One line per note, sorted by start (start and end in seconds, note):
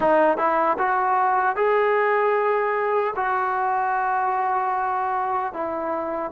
0.00 0.37 D#4
0.37 0.77 E4
0.78 1.56 F#4
1.56 3.14 G#4
3.16 5.53 F#4
5.53 6.31 E4